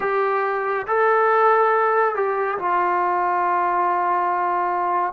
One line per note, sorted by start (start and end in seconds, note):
0.00 0.86 G4
0.86 2.15 A4
2.15 2.58 G4
2.58 5.13 F4